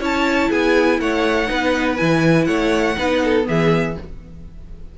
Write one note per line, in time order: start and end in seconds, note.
0.00 0.49 C#4
0.00 1.47 E4
0.00 0.49 C#5
0.00 0.52 A5
0.49 1.00 B3
0.49 0.99 G#4
0.49 1.01 G#5
1.00 1.49 A3
1.00 1.50 C#5
1.00 1.97 F#5
1.47 2.00 B3
1.47 1.96 D#4
1.47 2.47 B4
1.97 2.48 E3
1.97 2.95 E4
1.97 2.45 G#5
2.45 2.97 A3
2.45 2.96 C#5
2.45 3.43 F#5
2.97 3.47 B3
2.97 3.44 D#4
2.97 3.23 B4
3.24 3.49 A4
3.44 3.98 E3
3.44 3.93 B3
3.44 3.98 G#4
3.44 3.98 E5